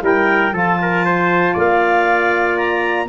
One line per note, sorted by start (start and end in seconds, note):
0.00 0.53 G3
0.00 0.51 E4
0.00 0.53 A#4
0.00 0.55 G5
0.52 1.55 F3
0.52 3.06 F4
0.52 0.79 A4
0.52 1.59 A5
0.82 1.05 A#4
1.05 1.53 C5
1.53 3.08 A#3
1.53 3.06 D5
1.53 2.57 F5
2.57 3.08 A#5